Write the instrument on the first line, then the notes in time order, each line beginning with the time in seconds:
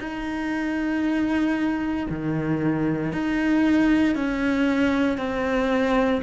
cello
0.00 D#4
2.10 D#3
3.13 D#4
4.15 C#4
5.18 C4